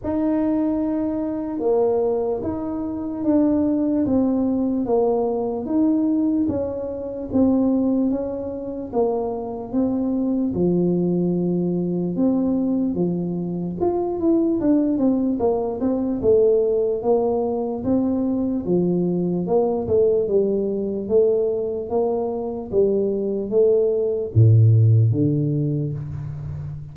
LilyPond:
\new Staff \with { instrumentName = "tuba" } { \time 4/4 \tempo 4 = 74 dis'2 ais4 dis'4 | d'4 c'4 ais4 dis'4 | cis'4 c'4 cis'4 ais4 | c'4 f2 c'4 |
f4 f'8 e'8 d'8 c'8 ais8 c'8 | a4 ais4 c'4 f4 | ais8 a8 g4 a4 ais4 | g4 a4 a,4 d4 | }